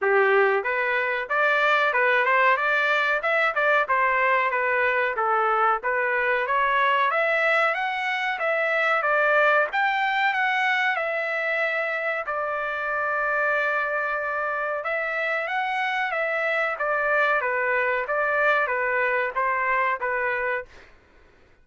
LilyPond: \new Staff \with { instrumentName = "trumpet" } { \time 4/4 \tempo 4 = 93 g'4 b'4 d''4 b'8 c''8 | d''4 e''8 d''8 c''4 b'4 | a'4 b'4 cis''4 e''4 | fis''4 e''4 d''4 g''4 |
fis''4 e''2 d''4~ | d''2. e''4 | fis''4 e''4 d''4 b'4 | d''4 b'4 c''4 b'4 | }